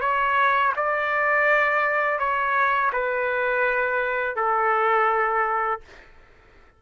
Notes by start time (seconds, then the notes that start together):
0.00 C#5
0.76 D5
2.19 C#5
2.92 B4
4.36 A4